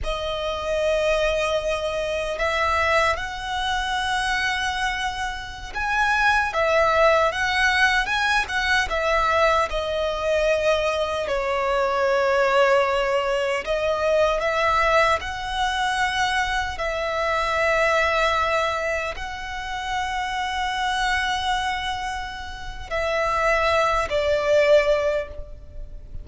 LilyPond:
\new Staff \with { instrumentName = "violin" } { \time 4/4 \tempo 4 = 76 dis''2. e''4 | fis''2.~ fis''16 gis''8.~ | gis''16 e''4 fis''4 gis''8 fis''8 e''8.~ | e''16 dis''2 cis''4.~ cis''16~ |
cis''4~ cis''16 dis''4 e''4 fis''8.~ | fis''4~ fis''16 e''2~ e''8.~ | e''16 fis''2.~ fis''8.~ | fis''4 e''4. d''4. | }